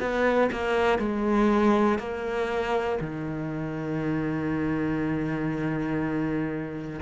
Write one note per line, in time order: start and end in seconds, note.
0.00 0.50 B3
0.52 0.99 A#3
0.99 1.99 G#3
1.99 2.99 A#3
3.01 7.01 D#3